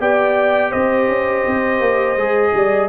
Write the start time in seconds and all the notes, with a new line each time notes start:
0.00 B3 G4 D5 G5
0.71 C4 C5 D#5
1.08 C#4
1.47 C4
1.80 A#3
2.16 G#3 G#4
2.53 G3 D5